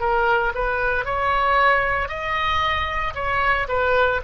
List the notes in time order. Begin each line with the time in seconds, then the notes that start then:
0.00 A#4
0.55 B4
1.05 C#5
2.09 D#5
3.15 C#5
3.68 B4